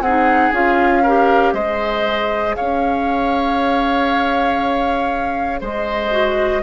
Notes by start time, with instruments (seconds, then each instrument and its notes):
0.00 bassoon C4, oboe G#4, flute F#5
0.08 clarinet D#4
0.52 bassoon C#4, clarinet F4, flute F5
1.03 clarinet G4, oboe A#4
1.53 bassoon G#3, clarinet G#4, oboe C5, flute D#5
2.56 bassoon C#4, oboe C#5, flute F5
5.60 bassoon G#3, oboe C5, flute D#5
6.11 clarinet F#4